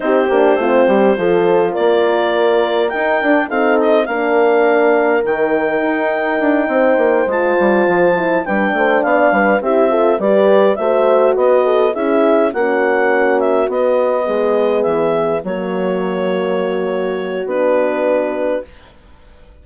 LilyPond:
<<
  \new Staff \with { instrumentName = "clarinet" } { \time 4/4 \tempo 4 = 103 c''2. d''4~ | d''4 g''4 f''8 dis''8 f''4~ | f''4 g''2.~ | g''8 a''2 g''4 f''8~ |
f''8 e''4 d''4 e''4 dis''8~ | dis''8 e''4 fis''4. e''8 dis''8~ | dis''4. e''4 cis''4.~ | cis''2 b'2 | }
  \new Staff \with { instrumentName = "horn" } { \time 4/4 g'4 f'8 g'8 a'4 ais'4~ | ais'2 a'4 ais'4~ | ais'2.~ ais'8 c''8~ | c''2~ c''8 b'8 c''8 d''8 |
b'8 g'8 a'8 b'4 c''4 b'8 | a'8 gis'4 fis'2~ fis'8~ | fis'8 gis'2 fis'4.~ | fis'1 | }
  \new Staff \with { instrumentName = "horn" } { \time 4/4 dis'8 d'8 c'4 f'2~ | f'4 dis'8 d'8 dis'4 d'4~ | d'4 dis'2.~ | dis'8 f'4. e'8 d'4.~ |
d'8 e'8 f'8 g'4 fis'4.~ | fis'8 e'4 cis'2 b8~ | b2~ b8 ais4.~ | ais2 d'2 | }
  \new Staff \with { instrumentName = "bassoon" } { \time 4/4 c'8 ais8 a8 g8 f4 ais4~ | ais4 dis'8 d'8 c'4 ais4~ | ais4 dis4 dis'4 d'8 c'8 | ais8 gis8 g8 f4 g8 a8 b8 |
g8 c'4 g4 a4 b8~ | b8 cis'4 ais2 b8~ | b8 gis4 e4 fis4.~ | fis2 b2 | }
>>